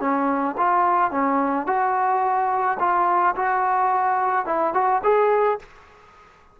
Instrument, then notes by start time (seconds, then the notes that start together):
trombone
0.00 C#4
0.57 F4
1.11 C#4
1.66 F#4
2.79 F4
3.36 F#4
4.46 E4
4.74 F#4
5.04 G#4